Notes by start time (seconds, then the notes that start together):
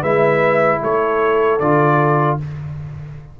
0.00 G#3 E4 B4 E5
0.82 A3 A4 C#5
1.59 D3 F4 D5